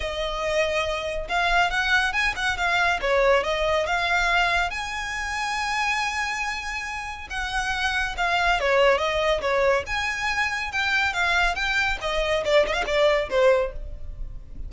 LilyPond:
\new Staff \with { instrumentName = "violin" } { \time 4/4 \tempo 4 = 140 dis''2. f''4 | fis''4 gis''8 fis''8 f''4 cis''4 | dis''4 f''2 gis''4~ | gis''1~ |
gis''4 fis''2 f''4 | cis''4 dis''4 cis''4 gis''4~ | gis''4 g''4 f''4 g''4 | dis''4 d''8 dis''16 f''16 d''4 c''4 | }